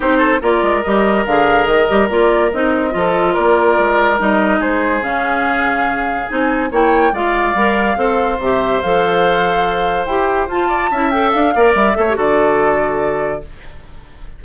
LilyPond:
<<
  \new Staff \with { instrumentName = "flute" } { \time 4/4 \tempo 4 = 143 c''4 d''4 dis''4 f''4 | dis''4 d''4 dis''2 | d''2 dis''4 c''4 | f''2. gis''4 |
g''4 f''2. | e''4 f''2. | g''4 a''4. g''8 f''4 | e''4 d''2. | }
  \new Staff \with { instrumentName = "oboe" } { \time 4/4 g'8 a'8 ais'2.~ | ais'2. a'4 | ais'2. gis'4~ | gis'1 |
cis''4 d''2 c''4~ | c''1~ | c''4. d''8 e''4. d''8~ | d''8 cis''8 a'2. | }
  \new Staff \with { instrumentName = "clarinet" } { \time 4/4 dis'4 f'4 g'4 gis'4~ | gis'8 g'8 f'4 dis'4 f'4~ | f'2 dis'2 | cis'2. dis'4 |
e'4 f'4 ais'4 a'4 | g'4 a'2. | g'4 f'4 e'8 a'4 ais'8~ | ais'8 a'16 g'16 fis'2. | }
  \new Staff \with { instrumentName = "bassoon" } { \time 4/4 c'4 ais8 gis8 g4 d4 | dis8 g8 ais4 c'4 f4 | ais4 gis4 g4 gis4 | cis2. c'4 |
ais4 gis4 g4 c'4 | c4 f2. | e'4 f'4 cis'4 d'8 ais8 | g8 a8 d2. | }
>>